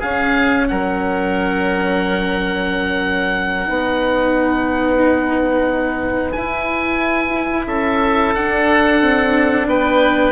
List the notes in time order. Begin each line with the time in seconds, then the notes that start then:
0.00 C#4 G#4 F5
0.68 F#3 A#4 F#5
3.66 B3 D#4 B4
6.32 E4 G#5
7.67 C#4 A4 E5
8.35 D4 F#5
9.01 C4
9.67 B3 B4 G5